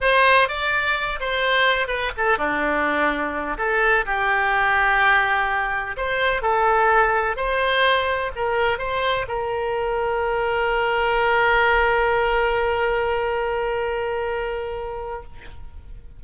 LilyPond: \new Staff \with { instrumentName = "oboe" } { \time 4/4 \tempo 4 = 126 c''4 d''4. c''4. | b'8 a'8 d'2~ d'8 a'8~ | a'8 g'2.~ g'8~ | g'8 c''4 a'2 c''8~ |
c''4. ais'4 c''4 ais'8~ | ais'1~ | ais'1~ | ais'1 | }